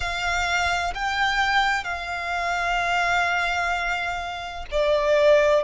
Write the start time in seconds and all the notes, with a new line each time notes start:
0.00 F5
0.94 G5
1.84 F5
4.71 D5